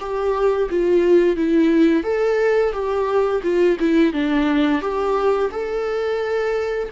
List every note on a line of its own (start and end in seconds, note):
0.00 0.69 G4
0.70 1.36 F4
1.36 2.03 E4
2.03 2.72 A4
2.72 3.41 G4
3.43 3.77 F4
3.80 4.13 E4
4.13 4.81 D4
4.81 5.50 G4
5.51 6.89 A4